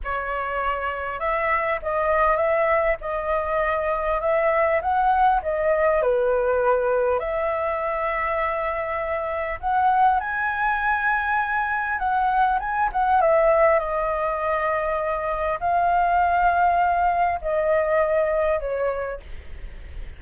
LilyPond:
\new Staff \with { instrumentName = "flute" } { \time 4/4 \tempo 4 = 100 cis''2 e''4 dis''4 | e''4 dis''2 e''4 | fis''4 dis''4 b'2 | e''1 |
fis''4 gis''2. | fis''4 gis''8 fis''8 e''4 dis''4~ | dis''2 f''2~ | f''4 dis''2 cis''4 | }